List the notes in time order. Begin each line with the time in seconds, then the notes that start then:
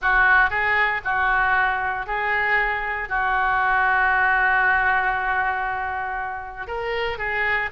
0.01 F#4
0.50 G#4
1.04 F#4
2.06 G#4
3.08 F#4
6.67 A#4
7.18 G#4